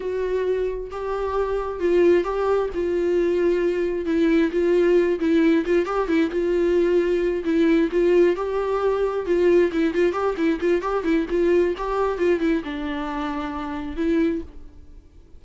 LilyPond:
\new Staff \with { instrumentName = "viola" } { \time 4/4 \tempo 4 = 133 fis'2 g'2 | f'4 g'4 f'2~ | f'4 e'4 f'4. e'8~ | e'8 f'8 g'8 e'8 f'2~ |
f'8 e'4 f'4 g'4.~ | g'8 f'4 e'8 f'8 g'8 e'8 f'8 | g'8 e'8 f'4 g'4 f'8 e'8 | d'2. e'4 | }